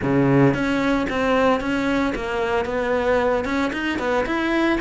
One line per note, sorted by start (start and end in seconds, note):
0.02 0.53 C#3
0.53 1.06 C#4
1.09 1.60 C4
1.60 2.13 C#4
2.15 2.65 A#3
2.65 3.44 B3
3.45 3.71 C#4
3.72 3.98 D#4
3.98 4.25 B3
4.26 4.79 E4